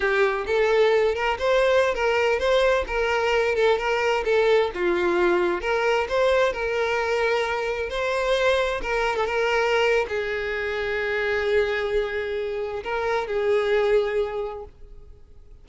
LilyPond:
\new Staff \with { instrumentName = "violin" } { \time 4/4 \tempo 4 = 131 g'4 a'4. ais'8 c''4~ | c''16 ais'4 c''4 ais'4. a'16~ | a'16 ais'4 a'4 f'4.~ f'16~ | f'16 ais'4 c''4 ais'4.~ ais'16~ |
ais'4~ ais'16 c''2 ais'8. | a'16 ais'4.~ ais'16 gis'2~ | gis'1 | ais'4 gis'2. | }